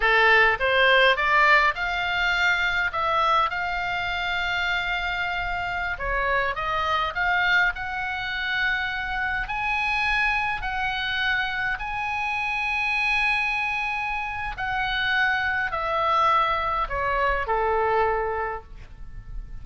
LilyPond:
\new Staff \with { instrumentName = "oboe" } { \time 4/4 \tempo 4 = 103 a'4 c''4 d''4 f''4~ | f''4 e''4 f''2~ | f''2~ f''16 cis''4 dis''8.~ | dis''16 f''4 fis''2~ fis''8.~ |
fis''16 gis''2 fis''4.~ fis''16~ | fis''16 gis''2.~ gis''8.~ | gis''4 fis''2 e''4~ | e''4 cis''4 a'2 | }